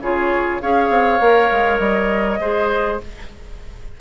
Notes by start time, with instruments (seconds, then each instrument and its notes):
0.00 bassoon C#3, clarinet F4, oboe G#4, flute C#5
0.61 bassoon C#4, clarinet G#4, oboe C#5, flute F5
0.90 bassoon C4
1.19 bassoon A#3, clarinet A#4
1.51 bassoon G#3
1.78 bassoon G3, flute D#5
2.39 bassoon G#3, clarinet G#4, oboe C5